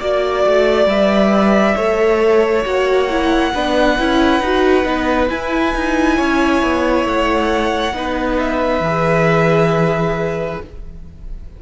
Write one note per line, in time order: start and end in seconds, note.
0.00 0.46 A#3
0.00 0.88 F#4
0.00 1.76 D5
0.00 0.89 D5
0.46 0.87 A3
0.87 1.75 G3
0.87 1.77 B4
0.87 2.65 E5
1.76 2.65 A3
1.76 2.65 A4
1.76 3.52 C#5
2.65 3.54 A#3
2.65 3.09 F#4
2.65 5.30 F#5
3.10 3.54 E4
3.55 3.99 B3
3.55 3.99 D4
3.55 6.18 B4
3.99 4.41 C#4
3.99 4.43 E4
4.41 4.85 D#4
4.41 4.84 F#4
4.84 5.30 B3
4.84 5.28 D#4
5.28 7.93 E4
5.28 5.75 E4
5.28 7.06 G#5
5.75 6.19 D#4
6.18 6.63 C#4
6.18 7.94 C#5
6.63 7.05 B3
7.05 7.93 A3
7.05 8.39 F#5
7.94 8.81 B3
7.94 8.82 D#4
7.94 10.63 B4
8.39 10.60 E5
8.81 10.57 E3
8.81 10.61 G#4